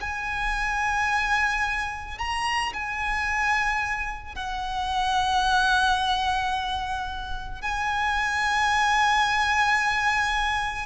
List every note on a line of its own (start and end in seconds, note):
0.00 2.18 G#5
2.18 2.73 A#5
2.73 4.35 G#5
4.35 7.61 F#5
7.61 10.86 G#5